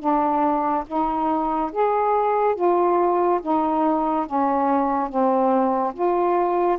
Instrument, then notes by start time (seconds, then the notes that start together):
saxophone
0.00 D4
0.88 D#4
1.73 G#4
2.56 F4
3.42 D#4
4.27 C#4
5.10 C4
5.94 F4